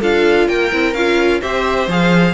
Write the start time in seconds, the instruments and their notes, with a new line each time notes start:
0.00 cello D4, viola F4, violin A4 F5
0.46 cello A#3, violin A#4 G5
0.71 cello C4, viola E4
0.93 cello C#4, viola F4, violin F5
1.41 cello C4, viola G4, violin C5 E5
1.87 cello F3, viola G#4, violin F5